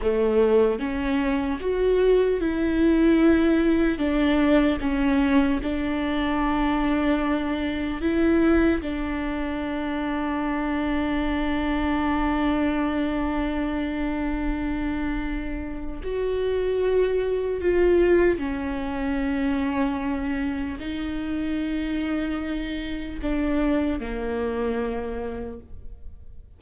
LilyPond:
\new Staff \with { instrumentName = "viola" } { \time 4/4 \tempo 4 = 75 a4 cis'4 fis'4 e'4~ | e'4 d'4 cis'4 d'4~ | d'2 e'4 d'4~ | d'1~ |
d'1 | fis'2 f'4 cis'4~ | cis'2 dis'2~ | dis'4 d'4 ais2 | }